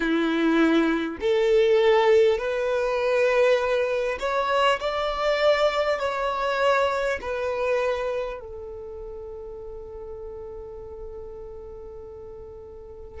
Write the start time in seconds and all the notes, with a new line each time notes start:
0.00 E4
1.21 A4
2.37 B4
4.19 C#5
4.80 D5
5.99 C#5
7.21 B4
8.40 A4